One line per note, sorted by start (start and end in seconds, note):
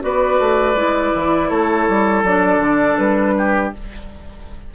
0.00 0.39 B3
0.00 0.74 F#4
0.00 1.49 B4
0.00 1.49 D5
0.39 0.74 A3
0.74 1.11 G#3
0.74 2.24 E4
1.14 1.50 E3
1.49 1.87 A3
1.49 3.35 A4
1.49 2.23 C#5
1.88 2.23 G3
2.23 2.58 F#3
2.23 3.74 D4
2.23 2.98 D5
2.58 2.95 D3
2.98 3.72 G3
2.98 3.72 B4
3.37 3.74 G4